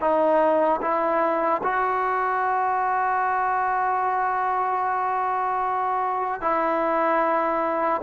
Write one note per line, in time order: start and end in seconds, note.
0.00 0.80 D#4
0.81 1.61 E4
1.63 6.41 F#4
6.41 8.01 E4